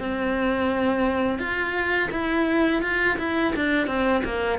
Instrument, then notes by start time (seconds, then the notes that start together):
cello
0.00 C4
1.39 F4
2.12 E4
2.83 F4
3.19 E4
3.56 D4
3.88 C4
4.24 A#3